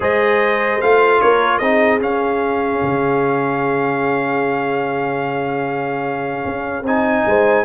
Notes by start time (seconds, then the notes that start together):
0.00 G#3 G#4 C5 D#5
0.81 A3 F4 F5
1.21 A#3 A#4 C#5
1.58 C4 D#4 G#4 D#5
1.99 C#4 F5
2.82 C#3
6.45 C#4
6.82 C4 D#4 G#5
7.26 G#3 C5